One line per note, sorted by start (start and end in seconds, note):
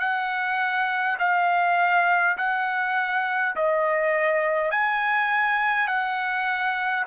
0.00 1.18 F#5
1.19 2.37 F5
2.38 3.56 F#5
3.56 4.71 D#5
4.71 5.88 G#5
5.88 7.05 F#5